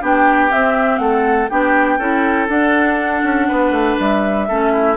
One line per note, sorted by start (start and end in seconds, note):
0.00 0.51 B3
0.00 0.49 D4
0.00 1.00 G4
0.00 0.51 G5
0.49 1.49 C4
0.49 0.98 C4
0.49 0.98 E5
0.98 1.48 A3
0.98 1.50 A4
0.98 1.47 F#5
1.49 1.98 B3
1.49 1.99 D4
1.49 1.98 G4
1.49 2.48 G5
1.98 2.48 C#4
1.98 2.49 E4
1.98 3.47 A4
2.48 3.23 D4
2.48 4.48 D4
2.48 3.98 F#5
3.23 3.48 C#4
3.48 3.70 B3
3.48 4.47 B4
3.70 3.95 A3
3.99 4.49 G3
3.99 4.96 E5
4.48 4.96 A3
4.48 4.96 C#4
4.48 4.72 A4
4.72 4.96 E4